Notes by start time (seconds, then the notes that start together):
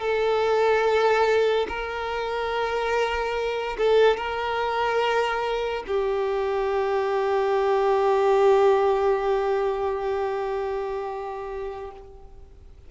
0.00 A4
1.68 A#4
3.78 A4
4.17 A#4
5.87 G4